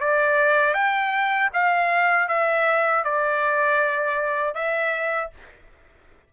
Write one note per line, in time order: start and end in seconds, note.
0.00 0.74 D5
0.74 1.50 G5
1.53 2.28 F5
2.28 3.04 E5
3.04 4.55 D5
4.55 5.31 E5